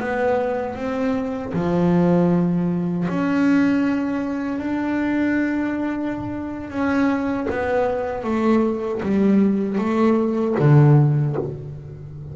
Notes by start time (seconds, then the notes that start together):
0.00 B3
0.76 C4
1.54 F3
3.09 C#4
4.59 D4
6.70 C#4
7.50 B3
8.24 A3
9.03 G3
9.78 A3
10.59 D3